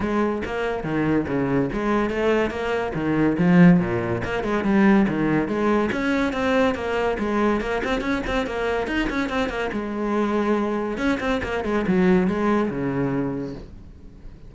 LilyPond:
\new Staff \with { instrumentName = "cello" } { \time 4/4 \tempo 4 = 142 gis4 ais4 dis4 cis4 | gis4 a4 ais4 dis4 | f4 ais,4 ais8 gis8 g4 | dis4 gis4 cis'4 c'4 |
ais4 gis4 ais8 c'8 cis'8 c'8 | ais4 dis'8 cis'8 c'8 ais8 gis4~ | gis2 cis'8 c'8 ais8 gis8 | fis4 gis4 cis2 | }